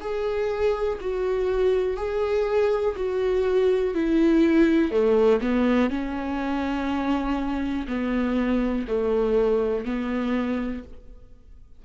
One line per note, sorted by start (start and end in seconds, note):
0.00 0.98 G#4
1.01 1.96 F#4
1.96 2.95 G#4
2.96 3.94 F#4
3.94 4.91 E4
4.91 5.40 A3
5.41 5.90 B3
5.90 7.86 C#4
7.87 8.85 B3
8.87 9.85 A3
9.85 10.83 B3